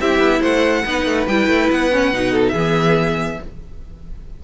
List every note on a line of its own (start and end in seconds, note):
0.00 0.19 C4
0.00 0.85 E4
0.00 0.40 G4
0.00 0.42 E5
0.19 0.40 B3
0.40 0.84 A3
0.40 0.83 C5
0.40 1.27 F#5
0.85 1.05 B3
0.85 1.28 D#4
0.85 2.32 B4
1.05 1.27 A3
1.27 1.47 G3
1.27 1.92 E4
1.27 1.70 G5
1.47 1.68 A3
1.70 2.13 B3
1.70 2.45 F#5
1.92 2.13 C#4
2.13 2.53 B2
2.13 2.55 D#4
2.32 2.52 A4
2.48 3.38 E3
2.48 3.37 G#4
2.48 3.44 E5
2.55 3.40 B3